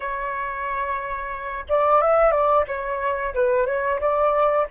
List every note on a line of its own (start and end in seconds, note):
0.00 1.65 C#5
1.68 2.01 D5
2.01 2.31 E5
2.31 2.64 D5
2.67 3.34 C#5
3.34 3.66 B4
3.66 3.99 C#5
4.00 4.67 D5